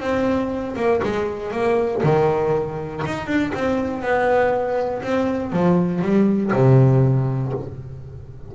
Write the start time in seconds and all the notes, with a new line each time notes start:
0.00 C4
0.76 A#3
1.03 G#3
1.52 A#3
2.03 D#3
3.06 D#4
3.27 D4
3.55 C4
4.02 B3
5.02 C4
5.52 F3
6.02 G3
6.53 C3